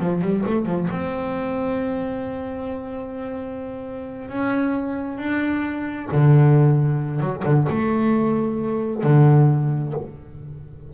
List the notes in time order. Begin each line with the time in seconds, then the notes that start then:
0.00 F3
0.22 G3
0.47 A3
0.66 F3
0.91 C4
4.29 C#4
5.18 D4
6.12 D3
7.21 F#3
7.45 D3
7.70 A3
9.04 D3